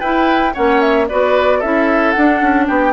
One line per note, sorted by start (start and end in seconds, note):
0.00 0.54 E4
0.00 0.53 B4
0.00 0.53 G5
0.53 1.10 A#3
0.53 1.07 C#4
0.53 1.07 C#5
0.53 0.81 F#5
0.81 1.07 E5
1.08 1.62 B3
1.08 1.63 F#4
1.08 1.59 B4
1.08 1.61 D5
1.59 2.16 C#4
1.59 2.16 E4
1.59 2.65 A4
1.59 2.11 E5
2.11 2.93 D4
2.11 2.41 D4
2.11 2.64 F#5
2.41 2.68 C#4
2.67 2.93 B3
2.67 2.93 G4
2.67 2.93 G5